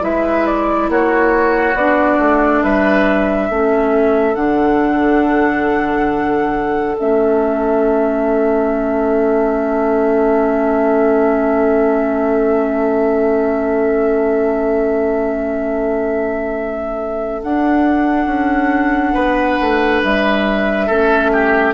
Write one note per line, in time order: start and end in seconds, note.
0.00 0.88 G#3
0.00 1.74 E4
0.00 0.89 B4
0.00 0.46 E5
0.46 0.90 D5
0.88 1.74 A#3
0.88 2.63 F#4
0.88 1.76 C#5
1.74 2.18 B3
1.74 3.50 D4
1.74 2.63 D5
2.18 2.62 A3
2.63 3.49 G3
2.63 3.49 B4
2.63 4.35 E5
3.49 4.35 A3
3.49 4.34 C#4
3.49 19.14 A4
4.34 6.96 D3
4.34 6.95 D4
4.34 6.96 F#5
6.98 17.43 A3
6.98 17.41 C#4
6.98 17.42 E5
17.42 18.26 D4
17.42 20.90 D4
17.42 20.03 F#5
18.26 19.13 C#4
19.14 19.58 B3
19.14 20.87 B4
19.60 20.03 A3
20.03 20.89 G3
20.03 21.74 E5
20.87 21.74 A3
20.87 21.74 C#4
20.87 21.30 A4
21.32 21.74 G4